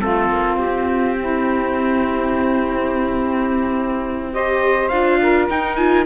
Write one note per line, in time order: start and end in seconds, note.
0.00 0.30 A3
0.00 4.33 C4
0.00 1.17 F4
0.00 0.59 A4
0.30 0.57 A#3
0.57 4.90 C4
0.57 4.34 G4
1.19 4.34 E4
4.33 4.91 G4
4.33 5.20 C5
4.33 4.89 D#5
4.89 5.49 D4
4.89 5.50 F4
4.89 5.46 F5
5.22 6.06 A#4
5.50 6.06 D#4
5.50 5.78 D#4
5.50 5.76 G5
5.76 6.06 F4
5.76 6.05 G#5